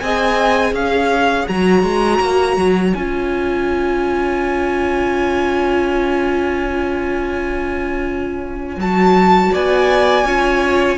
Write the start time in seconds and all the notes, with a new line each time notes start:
0.00 C4 G#4 D#5 G#5
0.72 C#4 C#5 F5
1.48 F#3 F#4 A#5
1.83 G#3
2.20 A#3
2.57 F#3
2.94 C#4 F4 G#5
8.77 F#3 F#4 A5
9.52 B3 D5 G#5
10.25 C#4 F4 C#5